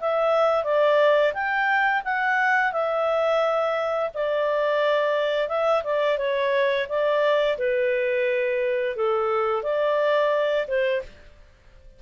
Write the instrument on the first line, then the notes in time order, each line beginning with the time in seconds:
clarinet
0.00 E5
0.64 D5
1.34 G5
2.05 F#5
2.73 E5
4.14 D5
5.49 E5
5.84 D5
6.18 C#5
6.89 D5
7.58 B4
8.96 A4
9.63 D5
10.68 C5